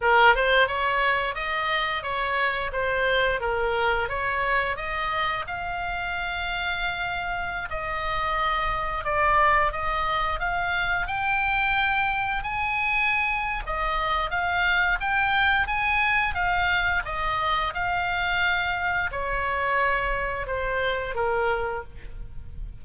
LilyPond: \new Staff \with { instrumentName = "oboe" } { \time 4/4 \tempo 4 = 88 ais'8 c''8 cis''4 dis''4 cis''4 | c''4 ais'4 cis''4 dis''4 | f''2.~ f''16 dis''8.~ | dis''4~ dis''16 d''4 dis''4 f''8.~ |
f''16 g''2 gis''4.~ gis''16 | dis''4 f''4 g''4 gis''4 | f''4 dis''4 f''2 | cis''2 c''4 ais'4 | }